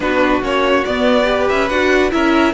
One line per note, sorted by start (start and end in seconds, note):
0.00 0.41 B3
0.00 0.42 D4
0.00 1.26 F#4
0.00 0.42 B4
0.41 0.83 A#3
0.41 0.84 C#4
0.41 0.84 C#5
0.84 1.50 B3
0.84 1.24 B3
0.84 1.47 D5
1.24 1.66 G4
1.24 2.10 B4
1.49 1.70 C#4
1.49 1.68 E5
1.68 2.12 D4
1.68 2.11 F#4
1.68 2.11 F#5
2.11 2.53 C#4
2.11 2.53 E4
2.11 2.53 A#4
2.11 2.53 E5